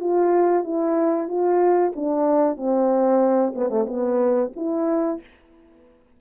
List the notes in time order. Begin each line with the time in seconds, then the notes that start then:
0.00 F4
0.64 E4
1.28 F4
1.96 D4
2.57 C4
3.56 B3
3.70 A3
3.87 B3
4.56 E4